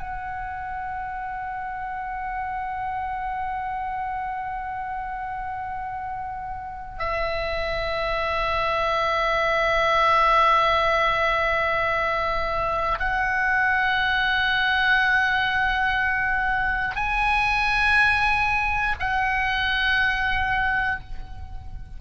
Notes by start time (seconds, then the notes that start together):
0.00 F#5
7.00 E5
13.00 F#5
16.96 G#5
19.00 F#5